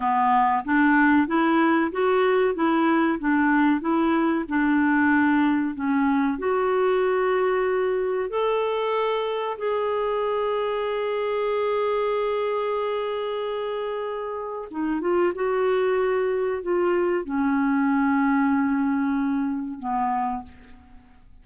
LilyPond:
\new Staff \with { instrumentName = "clarinet" } { \time 4/4 \tempo 4 = 94 b4 d'4 e'4 fis'4 | e'4 d'4 e'4 d'4~ | d'4 cis'4 fis'2~ | fis'4 a'2 gis'4~ |
gis'1~ | gis'2. dis'8 f'8 | fis'2 f'4 cis'4~ | cis'2. b4 | }